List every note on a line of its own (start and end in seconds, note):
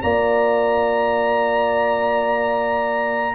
0.00 3.35 A#3
0.00 3.35 F4
0.00 3.35 D5
0.00 3.35 A#5